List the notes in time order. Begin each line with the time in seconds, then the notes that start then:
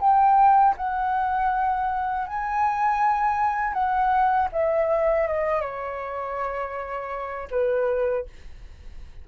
0.00 G5
0.77 F#5
2.27 G#5
3.73 F#5
4.52 E5
5.27 D#5
5.61 C#5
7.50 B4